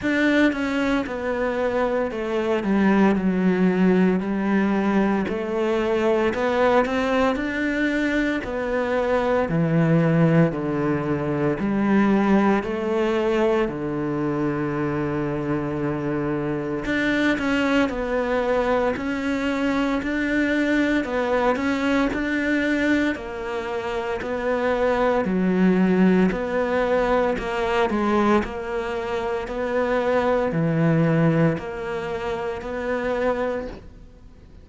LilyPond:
\new Staff \with { instrumentName = "cello" } { \time 4/4 \tempo 4 = 57 d'8 cis'8 b4 a8 g8 fis4 | g4 a4 b8 c'8 d'4 | b4 e4 d4 g4 | a4 d2. |
d'8 cis'8 b4 cis'4 d'4 | b8 cis'8 d'4 ais4 b4 | fis4 b4 ais8 gis8 ais4 | b4 e4 ais4 b4 | }